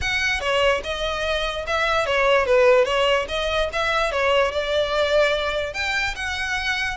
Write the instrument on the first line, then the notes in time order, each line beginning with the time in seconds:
violin
0.01 F#5
0.40 C#5
0.83 D#5
1.66 E5
2.06 C#5
2.45 B4
2.85 C#5
3.28 D#5
3.72 E5
4.11 C#5
4.51 D5
5.73 G5
6.15 F#5